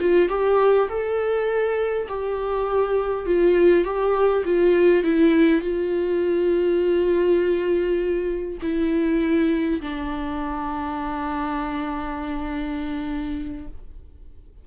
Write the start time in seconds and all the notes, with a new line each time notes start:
0.00 F4
0.29 G4
0.89 A4
2.08 G4
3.26 F4
3.84 G4
4.45 F4
5.04 E4
5.61 F4
8.62 E4
9.81 D4